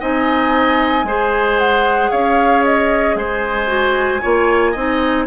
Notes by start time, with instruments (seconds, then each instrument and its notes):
0.00 bassoon C4, clarinet D#4, oboe D#5, flute G#5
1.04 bassoon G#3, clarinet G#4, oboe C5
1.59 flute F#5
2.11 bassoon C#4, oboe C#5, flute F5
2.64 flute D#5
3.15 bassoon G#3, oboe C5, flute G#5
3.67 clarinet F#4
4.21 bassoon A#3, clarinet F4, oboe C#5
4.71 bassoon C4, clarinet D#4, oboe D#5